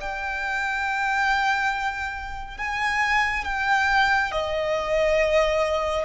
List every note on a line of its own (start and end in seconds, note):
0.00 2.57 G5
2.57 3.44 G#5
3.44 4.31 G5
4.31 6.04 D#5